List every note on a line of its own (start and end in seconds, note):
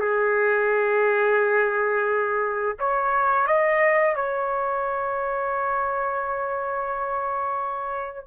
0.00 2.76 G#4
2.79 3.47 C#5
3.47 4.15 D#5
4.15 8.27 C#5